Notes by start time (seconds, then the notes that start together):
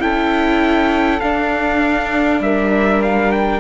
0.00 C#4 E4 A4 G5
1.21 D4 F5
2.40 G3 A#4 E5
3.02 F5
3.32 G5